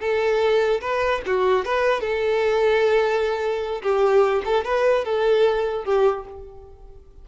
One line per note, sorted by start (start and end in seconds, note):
0.00 0.81 A4
0.81 1.22 B4
1.26 1.65 F#4
1.65 2.00 B4
2.00 3.82 A4
3.82 4.43 G4
4.45 4.65 A4
4.65 5.04 B4
5.04 5.85 A4
5.85 6.25 G4